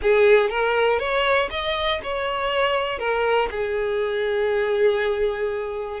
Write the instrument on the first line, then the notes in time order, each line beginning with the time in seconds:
violin
0.01 G#4
0.49 A#4
0.99 C#5
1.50 D#5
2.03 C#5
2.98 A#4
3.50 G#4